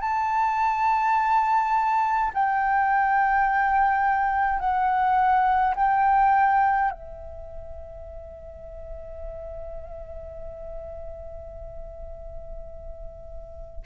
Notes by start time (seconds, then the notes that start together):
0.00 A5
2.33 G5
4.59 F#5
5.75 G5
6.90 E5